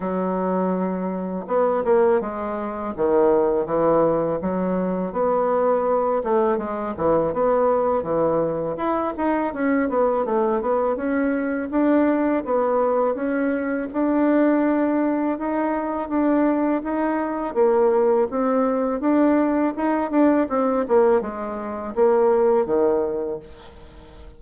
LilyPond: \new Staff \with { instrumentName = "bassoon" } { \time 4/4 \tempo 4 = 82 fis2 b8 ais8 gis4 | dis4 e4 fis4 b4~ | b8 a8 gis8 e8 b4 e4 | e'8 dis'8 cis'8 b8 a8 b8 cis'4 |
d'4 b4 cis'4 d'4~ | d'4 dis'4 d'4 dis'4 | ais4 c'4 d'4 dis'8 d'8 | c'8 ais8 gis4 ais4 dis4 | }